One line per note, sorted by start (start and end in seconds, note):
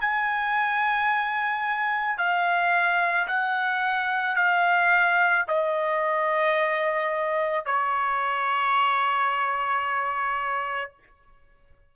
0.00 2.17 G#5
2.17 3.26 F5
3.27 4.35 F#5
4.35 5.44 F5
5.47 7.65 D#5
7.65 10.92 C#5